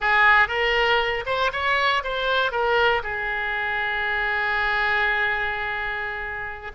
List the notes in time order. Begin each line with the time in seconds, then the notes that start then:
0.00 G#4
0.48 A#4
1.26 C5
1.52 C#5
2.03 C5
2.51 A#4
3.03 G#4